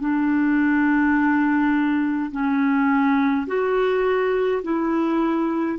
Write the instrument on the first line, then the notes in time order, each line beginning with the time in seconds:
clarinet
0.00 D4
2.31 C#4
3.47 F#4
4.63 E4